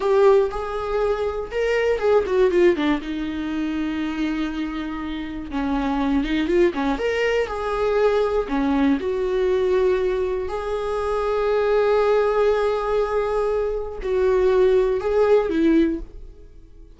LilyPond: \new Staff \with { instrumentName = "viola" } { \time 4/4 \tempo 4 = 120 g'4 gis'2 ais'4 | gis'8 fis'8 f'8 d'8 dis'2~ | dis'2. cis'4~ | cis'8 dis'8 f'8 cis'8 ais'4 gis'4~ |
gis'4 cis'4 fis'2~ | fis'4 gis'2.~ | gis'1 | fis'2 gis'4 e'4 | }